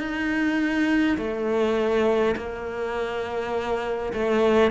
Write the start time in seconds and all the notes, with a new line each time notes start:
0.00 D#4
1.18 A3
2.37 A#3
4.14 A3